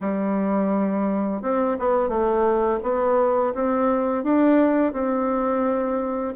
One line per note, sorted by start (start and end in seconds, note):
0.01 1.41 G3
1.41 1.77 C4
1.79 2.08 B3
2.08 2.79 A3
2.82 3.53 B3
3.54 4.23 C4
4.23 4.92 D4
4.92 6.33 C4